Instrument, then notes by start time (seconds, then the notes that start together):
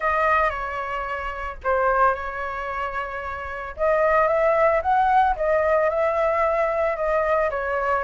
flute
0.00 D#5
0.49 C#5
1.63 C5
2.14 C#5
3.76 D#5
4.27 E5
4.82 F#5
5.36 D#5
5.89 E5
6.96 D#5
7.50 C#5